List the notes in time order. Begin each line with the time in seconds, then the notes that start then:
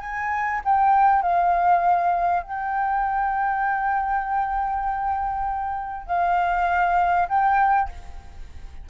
0.00 G#5
0.64 G5
1.22 F5
2.42 G5
6.06 F5
7.28 G5